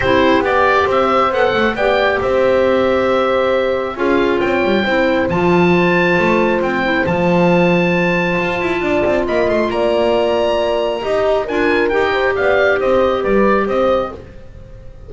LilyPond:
<<
  \new Staff \with { instrumentName = "oboe" } { \time 4/4 \tempo 4 = 136 c''4 d''4 e''4 fis''4 | g''4 e''2.~ | e''4 f''4 g''2 | a''2. g''4 |
a''1~ | a''4 b''8 c'''8 ais''2~ | ais''2 gis''4 g''4 | f''4 dis''4 d''4 dis''4 | }
  \new Staff \with { instrumentName = "horn" } { \time 4/4 g'2 c''2 | d''4 c''2.~ | c''4 gis'4 cis''4 c''4~ | c''1~ |
c''1 | d''4 dis''4 d''2~ | d''4 dis''4 ais'4. c''8 | d''4 c''4 b'4 c''4 | }
  \new Staff \with { instrumentName = "clarinet" } { \time 4/4 e'4 g'2 a'4 | g'1~ | g'4 f'2 e'4 | f'2.~ f'8 e'8 |
f'1~ | f'1~ | f'4 g'4 f'4 g'4~ | g'1 | }
  \new Staff \with { instrumentName = "double bass" } { \time 4/4 c'4 b4 c'4 b8 a8 | b4 c'2.~ | c'4 cis'4 c'8 g8 c'4 | f2 a4 c'4 |
f2. f'8 e'8 | d'8 c'8 ais8 a8 ais2~ | ais4 dis'4 d'4 dis'4 | b4 c'4 g4 c'4 | }
>>